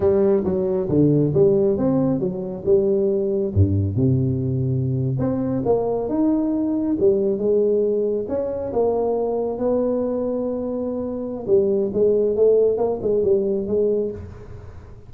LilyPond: \new Staff \with { instrumentName = "tuba" } { \time 4/4 \tempo 4 = 136 g4 fis4 d4 g4 | c'4 fis4 g2 | g,4 c2~ c8. c'16~ | c'8. ais4 dis'2 g16~ |
g8. gis2 cis'4 ais16~ | ais4.~ ais16 b2~ b16~ | b2 g4 gis4 | a4 ais8 gis8 g4 gis4 | }